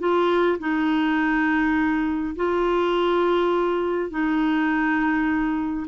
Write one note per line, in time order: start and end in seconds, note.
0.00 0.59 F4
0.60 2.36 D#4
2.36 4.11 F4
4.11 5.87 D#4